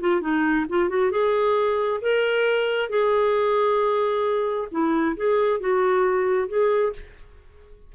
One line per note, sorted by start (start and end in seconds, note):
0.00 0.21 F4
0.21 0.66 D#4
0.69 0.89 F4
0.89 1.11 F#4
1.11 2.00 G#4
2.01 2.89 A#4
2.89 4.68 G#4
4.71 5.16 E4
5.16 5.60 G#4
5.60 6.48 F#4
6.48 6.93 G#4